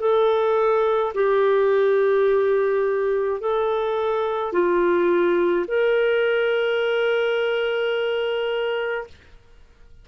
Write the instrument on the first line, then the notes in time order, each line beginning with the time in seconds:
clarinet
0.00 A4
1.14 G4
3.41 A4
4.53 F4
5.68 A#4